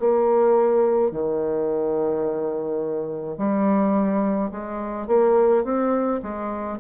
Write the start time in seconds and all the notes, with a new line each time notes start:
0.00 A#3
1.12 D#3
3.38 G3
4.52 G#3
5.08 A#3
5.64 C4
6.23 G#3